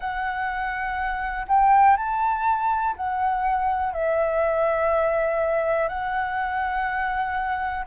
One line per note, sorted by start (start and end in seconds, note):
0.00 1.46 F#5
1.48 1.97 G5
1.97 2.95 A5
2.96 3.93 F#5
3.93 5.88 E5
5.88 7.85 F#5